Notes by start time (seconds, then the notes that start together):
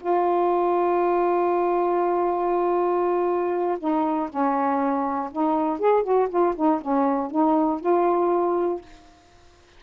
0.00 F4
3.79 D#4
4.29 C#4
5.32 D#4
5.79 G#4
6.03 F#4
6.29 F4
6.56 D#4
6.81 C#4
7.31 D#4
7.81 F4